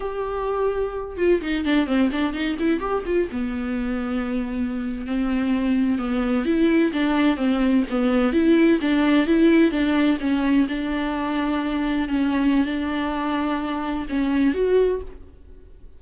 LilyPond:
\new Staff \with { instrumentName = "viola" } { \time 4/4 \tempo 4 = 128 g'2~ g'8 f'8 dis'8 d'8 | c'8 d'8 dis'8 e'8 g'8 f'8 b4~ | b2~ b8. c'4~ c'16~ | c'8. b4 e'4 d'4 c'16~ |
c'8. b4 e'4 d'4 e'16~ | e'8. d'4 cis'4 d'4~ d'16~ | d'4.~ d'16 cis'4~ cis'16 d'4~ | d'2 cis'4 fis'4 | }